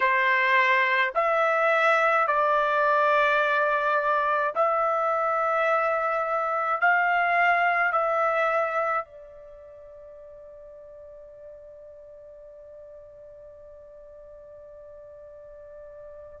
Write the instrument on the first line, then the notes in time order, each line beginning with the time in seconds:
trumpet
0.00 C5
1.14 E5
2.27 D5
4.55 E5
6.80 F5
7.91 E5
9.04 D5